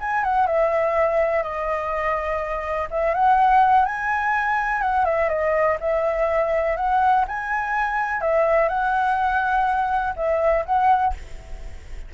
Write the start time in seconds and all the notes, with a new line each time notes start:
0.00 G#5
0.24 F#5
0.46 E5
1.43 D#5
2.90 E5
3.14 F#5
3.85 G#5
4.81 F#5
5.05 E5
5.29 D#5
5.80 E5
6.77 F#5
7.28 G#5
8.21 E5
8.68 F#5
10.16 E5
10.65 F#5